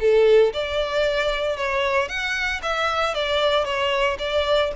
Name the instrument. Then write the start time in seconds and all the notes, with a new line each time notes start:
violin
0.00 A4
0.53 D5
1.57 C#5
2.08 F#5
2.62 E5
3.14 D5
3.65 C#5
4.19 D5